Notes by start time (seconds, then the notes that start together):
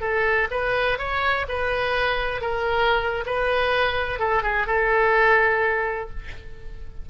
0.00 A4
0.50 B4
0.98 C#5
1.48 B4
2.41 A#4
3.26 B4
4.19 A4
4.43 G#4
4.66 A4